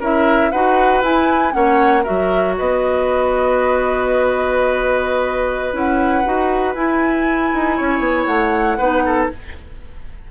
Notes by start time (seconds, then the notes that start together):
0.00 C#4 E4 A#4 E5
0.51 D#4 F#4 B4 F#5
1.02 E4 G#5
1.52 A#3 C#4 C#5 F#5
2.03 F#3 F#4 A#4 E5
2.58 B3 B4 D#5
5.72 C#4 E4 F#5
6.25 D#4 F#4
6.74 E4 G#5
7.54 D#4
7.76 C#4 C#5
7.99 B3
8.25 A3 F#5
8.78 B3 D#4 B4
9.06 A4